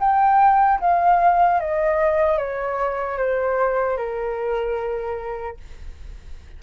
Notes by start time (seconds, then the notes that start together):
0.00 G5
0.80 F5
1.60 D#5
2.38 C#5
3.18 C5
3.97 A#4